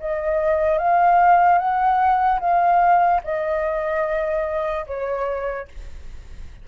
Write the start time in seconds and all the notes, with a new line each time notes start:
0.00 D#5
0.78 F5
1.58 F#5
2.40 F5
3.24 D#5
4.87 C#5